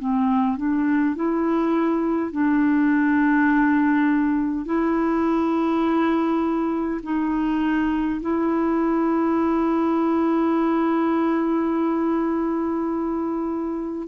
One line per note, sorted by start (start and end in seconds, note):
0.00 0.57 C4
0.57 1.16 D4
1.16 2.33 E4
2.33 4.66 D4
4.66 7.01 E4
7.03 8.21 D#4
8.21 14.09 E4